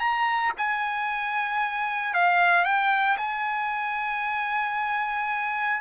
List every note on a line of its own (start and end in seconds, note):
0.00 0.53 A#5
0.58 2.14 G#5
2.14 2.65 F5
2.65 3.17 G5
3.18 5.81 G#5